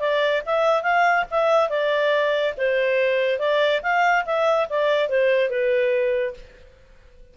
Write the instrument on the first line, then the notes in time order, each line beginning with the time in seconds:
clarinet
0.00 D5
0.46 E5
0.82 F5
1.30 E5
1.70 D5
2.57 C5
3.39 D5
3.83 F5
4.26 E5
4.69 D5
5.09 C5
5.50 B4